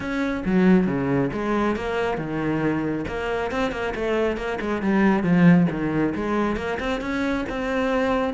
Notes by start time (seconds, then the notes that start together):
0.00 C#4
0.45 F#3
0.86 C#3
1.32 G#3
1.75 A#3
2.17 D#3
3.07 A#3
3.51 C4
3.71 A#3
3.95 A3
4.36 A#3
4.60 G#3
4.82 G3
5.23 F3
5.70 D#3
6.14 G#3
6.56 A#3
6.79 C4
7.01 C#4
7.49 C4